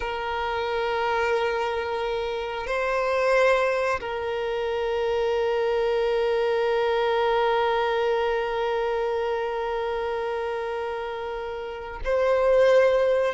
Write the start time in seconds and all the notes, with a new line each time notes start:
0.00 A#4
2.66 C5
4.00 A#4
12.04 C5